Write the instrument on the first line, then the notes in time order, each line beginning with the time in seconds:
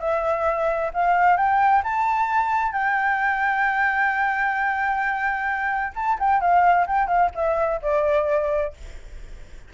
flute
0.00 E5
0.94 F5
1.37 G5
1.84 A5
2.73 G5
5.95 A5
6.20 G5
6.41 F5
6.87 G5
7.08 F5
7.35 E5
7.82 D5